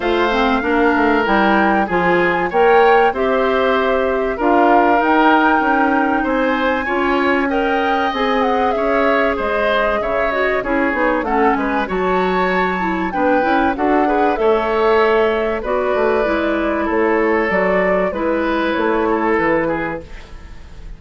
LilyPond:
<<
  \new Staff \with { instrumentName = "flute" } { \time 4/4 \tempo 4 = 96 f''2 g''4 gis''4 | g''4 e''2 f''4 | g''2 gis''2 | g''4 gis''8 fis''8 e''4 dis''4 |
e''8 dis''8 cis''4 fis''8 gis''8 a''4~ | a''4 g''4 fis''4 e''4~ | e''4 d''2 cis''4 | d''4 b'4 cis''4 b'4 | }
  \new Staff \with { instrumentName = "oboe" } { \time 4/4 c''4 ais'2 gis'4 | cis''4 c''2 ais'4~ | ais'2 c''4 cis''4 | dis''2 cis''4 c''4 |
cis''4 gis'4 a'8 b'8 cis''4~ | cis''4 b'4 a'8 b'8 cis''4~ | cis''4 b'2 a'4~ | a'4 b'4. a'4 gis'8 | }
  \new Staff \with { instrumentName = "clarinet" } { \time 4/4 f'8 c'8 d'4 e'4 f'4 | ais'4 g'2 f'4 | dis'2. f'4 | ais'4 gis'2.~ |
gis'8 fis'8 e'8 dis'8 cis'4 fis'4~ | fis'8 e'8 d'8 e'8 fis'8 gis'8 a'4~ | a'4 fis'4 e'2 | fis'4 e'2. | }
  \new Staff \with { instrumentName = "bassoon" } { \time 4/4 a4 ais8 a8 g4 f4 | ais4 c'2 d'4 | dis'4 cis'4 c'4 cis'4~ | cis'4 c'4 cis'4 gis4 |
cis4 cis'8 b8 a8 gis8 fis4~ | fis4 b8 cis'8 d'4 a4~ | a4 b8 a8 gis4 a4 | fis4 gis4 a4 e4 | }
>>